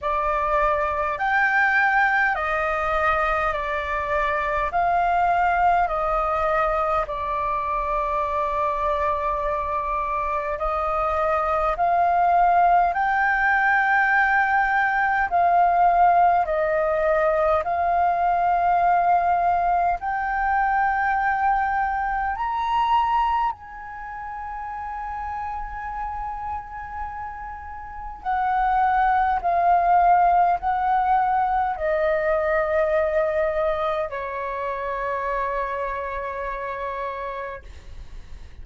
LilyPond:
\new Staff \with { instrumentName = "flute" } { \time 4/4 \tempo 4 = 51 d''4 g''4 dis''4 d''4 | f''4 dis''4 d''2~ | d''4 dis''4 f''4 g''4~ | g''4 f''4 dis''4 f''4~ |
f''4 g''2 ais''4 | gis''1 | fis''4 f''4 fis''4 dis''4~ | dis''4 cis''2. | }